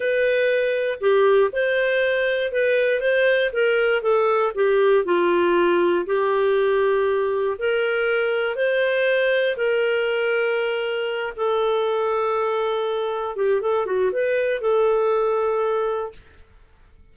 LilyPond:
\new Staff \with { instrumentName = "clarinet" } { \time 4/4 \tempo 4 = 119 b'2 g'4 c''4~ | c''4 b'4 c''4 ais'4 | a'4 g'4 f'2 | g'2. ais'4~ |
ais'4 c''2 ais'4~ | ais'2~ ais'8 a'4.~ | a'2~ a'8 g'8 a'8 fis'8 | b'4 a'2. | }